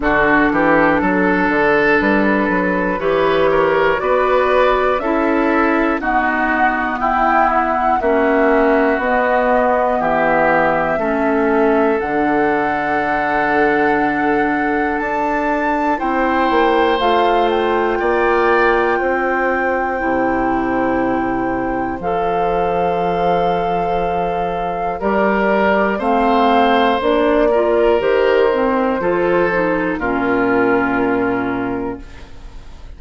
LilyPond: <<
  \new Staff \with { instrumentName = "flute" } { \time 4/4 \tempo 4 = 60 a'2 b'4 cis''4 | d''4 e''4 fis''4 g''8 fis''8 | e''4 dis''4 e''2 | fis''2. a''4 |
g''4 f''8 g''2~ g''8~ | g''2 f''2~ | f''4 d''4 f''4 d''4 | c''2 ais'2 | }
  \new Staff \with { instrumentName = "oboe" } { \time 4/4 fis'8 g'8 a'2 b'8 ais'8 | b'4 a'4 fis'4 e'4 | fis'2 g'4 a'4~ | a'1 |
c''2 d''4 c''4~ | c''1~ | c''4 ais'4 c''4. ais'8~ | ais'4 a'4 f'2 | }
  \new Staff \with { instrumentName = "clarinet" } { \time 4/4 d'2. g'4 | fis'4 e'4 b2 | cis'4 b2 cis'4 | d'1 |
e'4 f'2. | e'2 a'2~ | a'4 g'4 c'4 d'8 f'8 | g'8 c'8 f'8 dis'8 cis'2 | }
  \new Staff \with { instrumentName = "bassoon" } { \time 4/4 d8 e8 fis8 d8 g8 fis8 e4 | b4 cis'4 dis'4 e'4 | ais4 b4 e4 a4 | d2. d'4 |
c'8 ais8 a4 ais4 c'4 | c2 f2~ | f4 g4 a4 ais4 | dis4 f4 ais,2 | }
>>